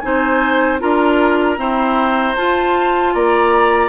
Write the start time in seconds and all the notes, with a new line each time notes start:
0.00 C4 D#4 C5 G#5
0.79 D4 F4 A#4 A#5
1.57 C4 E4 C5
2.36 F4 A5
3.14 A#3 D5 A#5